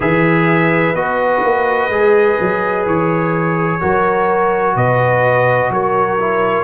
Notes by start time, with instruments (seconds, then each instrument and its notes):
0.00 tuba E3, trombone G#4, horn B4, trumpet E5
0.94 tuba B3, trombone F#4, trumpet D#5
1.43 tuba A#3
1.89 tuba G#3, trombone G#4
2.40 tuba F#3
2.86 tuba E3, trumpet C#5
3.80 tuba F#3, trombone F#4, horn A#4
4.75 tuba B2, horn B4, trumpet D#5
5.69 tuba F#3, horn A#4, trumpet C#5
6.19 trombone E4